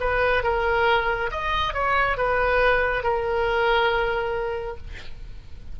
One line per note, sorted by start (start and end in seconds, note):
0.00 0.43 B4
0.43 1.30 A#4
1.31 1.74 D#5
1.74 2.17 C#5
2.17 3.03 B4
3.03 4.77 A#4